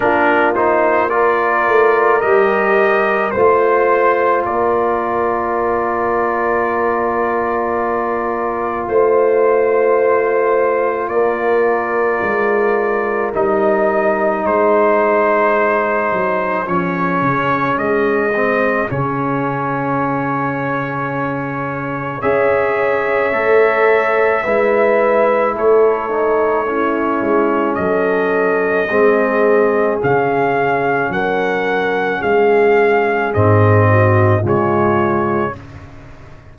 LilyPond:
<<
  \new Staff \with { instrumentName = "trumpet" } { \time 4/4 \tempo 4 = 54 ais'8 c''8 d''4 dis''4 c''4 | d''1 | c''2 d''2 | dis''4 c''2 cis''4 |
dis''4 cis''2. | e''2. cis''4~ | cis''4 dis''2 f''4 | fis''4 f''4 dis''4 cis''4 | }
  \new Staff \with { instrumentName = "horn" } { \time 4/4 f'4 ais'2 c''4 | ais'1 | c''2 ais'2~ | ais'4 gis'2.~ |
gis'1 | cis''2 b'4 a'4 | e'4 a'4 gis'2 | ais'4 gis'4. fis'8 f'4 | }
  \new Staff \with { instrumentName = "trombone" } { \time 4/4 d'8 dis'8 f'4 g'4 f'4~ | f'1~ | f'1 | dis'2. cis'4~ |
cis'8 c'8 cis'2. | gis'4 a'4 e'4. dis'8 | cis'2 c'4 cis'4~ | cis'2 c'4 gis4 | }
  \new Staff \with { instrumentName = "tuba" } { \time 4/4 ais4. a8 g4 a4 | ais1 | a2 ais4 gis4 | g4 gis4. fis8 f8 cis8 |
gis4 cis2. | cis'4 a4 gis4 a4~ | a8 gis8 fis4 gis4 cis4 | fis4 gis4 gis,4 cis4 | }
>>